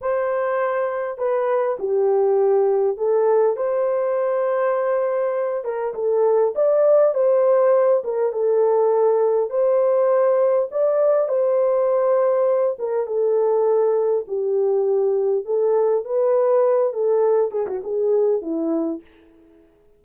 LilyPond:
\new Staff \with { instrumentName = "horn" } { \time 4/4 \tempo 4 = 101 c''2 b'4 g'4~ | g'4 a'4 c''2~ | c''4. ais'8 a'4 d''4 | c''4. ais'8 a'2 |
c''2 d''4 c''4~ | c''4. ais'8 a'2 | g'2 a'4 b'4~ | b'8 a'4 gis'16 fis'16 gis'4 e'4 | }